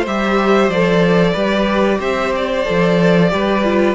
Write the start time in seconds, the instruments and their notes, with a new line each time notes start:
0.00 cello G3, violin C5
0.07 viola G4, violin E5
0.68 cello F3, viola A4, violin D5
1.32 cello G3, viola G4, violin B4
1.99 cello C4, violin C5 E5
2.36 violin D5
2.65 cello F3, viola A4
3.29 cello G3, viola G4, violin B4
3.63 viola F4